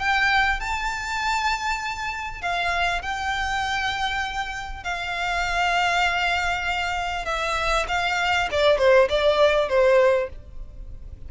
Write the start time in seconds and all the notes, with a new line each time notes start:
0.00 G5
0.60 A5
2.42 F5
3.02 G5
4.84 F5
7.26 E5
7.88 F5
8.52 D5
8.79 C5
9.10 D5
9.69 C5